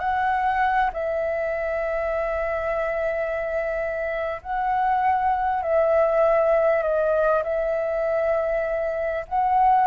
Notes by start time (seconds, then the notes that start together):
0.00 F#5
0.94 E5
4.42 F#5
5.63 E5
6.83 D#5
7.44 E5
9.28 F#5